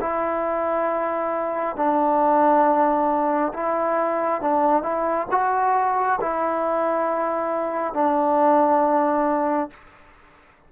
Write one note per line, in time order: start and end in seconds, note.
0.00 1.76 E4
1.76 3.53 D4
3.53 4.41 E4
4.41 4.82 D4
4.82 5.27 E4
5.31 6.19 F#4
6.21 7.93 E4
7.93 9.70 D4